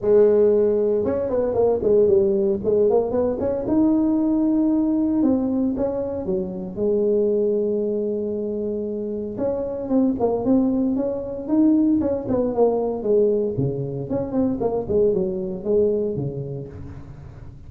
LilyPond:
\new Staff \with { instrumentName = "tuba" } { \time 4/4 \tempo 4 = 115 gis2 cis'8 b8 ais8 gis8 | g4 gis8 ais8 b8 cis'8 dis'4~ | dis'2 c'4 cis'4 | fis4 gis2.~ |
gis2 cis'4 c'8 ais8 | c'4 cis'4 dis'4 cis'8 b8 | ais4 gis4 cis4 cis'8 c'8 | ais8 gis8 fis4 gis4 cis4 | }